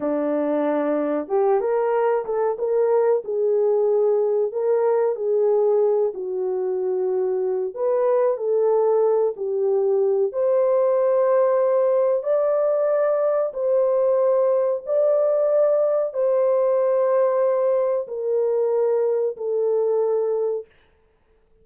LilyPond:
\new Staff \with { instrumentName = "horn" } { \time 4/4 \tempo 4 = 93 d'2 g'8 ais'4 a'8 | ais'4 gis'2 ais'4 | gis'4. fis'2~ fis'8 | b'4 a'4. g'4. |
c''2. d''4~ | d''4 c''2 d''4~ | d''4 c''2. | ais'2 a'2 | }